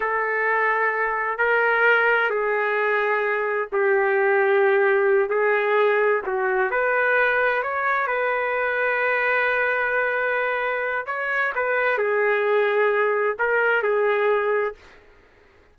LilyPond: \new Staff \with { instrumentName = "trumpet" } { \time 4/4 \tempo 4 = 130 a'2. ais'4~ | ais'4 gis'2. | g'2.~ g'8 gis'8~ | gis'4. fis'4 b'4.~ |
b'8 cis''4 b'2~ b'8~ | b'1 | cis''4 b'4 gis'2~ | gis'4 ais'4 gis'2 | }